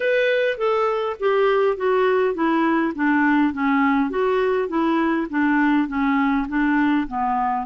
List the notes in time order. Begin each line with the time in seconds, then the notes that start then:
0.00 B4
0.57 A4
1.19 G4
1.76 F#4
2.34 E4
2.95 D4
3.53 C#4
4.09 F#4
4.68 E4
5.30 D4
5.88 C#4
6.48 D4
7.07 B3